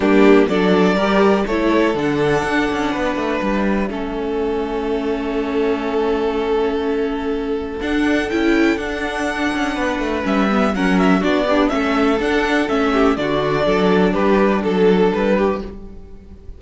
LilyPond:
<<
  \new Staff \with { instrumentName = "violin" } { \time 4/4 \tempo 4 = 123 g'4 d''2 cis''4 | fis''2. e''4~ | e''1~ | e''1 |
fis''4 g''4 fis''2~ | fis''4 e''4 fis''8 e''8 d''4 | e''4 fis''4 e''4 d''4~ | d''4 b'4 a'4 b'4 | }
  \new Staff \with { instrumentName = "violin" } { \time 4/4 d'4 a'4 ais'4 a'4~ | a'2 b'2 | a'1~ | a'1~ |
a'1 | b'2 ais'4 fis'8 d'8 | a'2~ a'8 g'8 fis'4 | a'4 g'4 a'4. g'8 | }
  \new Staff \with { instrumentName = "viola" } { \time 4/4 ais4 d'4 g'4 e'4 | d'1 | cis'1~ | cis'1 |
d'4 e'4 d'2~ | d'4 cis'8 b8 cis'4 d'8 g'8 | cis'4 d'4 cis'4 d'4~ | d'1 | }
  \new Staff \with { instrumentName = "cello" } { \time 4/4 g4 fis4 g4 a4 | d4 d'8 cis'8 b8 a8 g4 | a1~ | a1 |
d'4 cis'4 d'4. cis'8 | b8 a8 g4 fis4 b4 | a4 d'4 a4 d4 | fis4 g4 fis4 g4 | }
>>